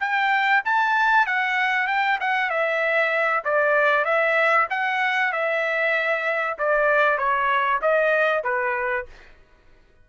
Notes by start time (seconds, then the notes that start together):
0.00 G5
0.64 A5
1.26 F#5
1.87 G5
2.20 F#5
2.50 E5
3.44 D5
4.05 E5
4.70 F#5
5.32 E5
6.58 D5
7.18 C#5
7.81 D#5
8.43 B4